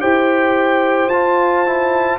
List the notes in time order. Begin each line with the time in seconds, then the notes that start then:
0.00 E4 G4 C5 G5
1.07 F4 A5
1.66 E4